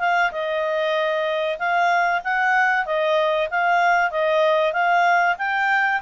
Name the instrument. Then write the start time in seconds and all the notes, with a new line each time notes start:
clarinet
0.00 F5
0.32 D#5
1.59 F5
2.24 F#5
2.86 D#5
3.51 F5
4.11 D#5
4.73 F5
5.38 G5